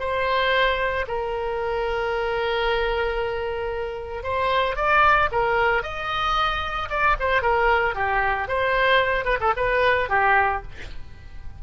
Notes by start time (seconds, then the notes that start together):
0.00 C5
1.08 A#4
4.23 C5
4.76 D5
5.32 A#4
5.83 D#5
6.90 D5
7.20 C5
7.42 A#4
7.95 G4
8.49 C5
9.25 B4
9.41 A4
9.57 B4
10.10 G4